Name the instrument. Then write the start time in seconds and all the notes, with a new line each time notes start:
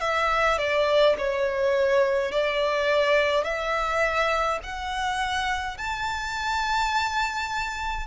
violin
0.00 E5
0.58 D5
1.18 C#5
2.31 D5
3.44 E5
4.63 F#5
5.77 A5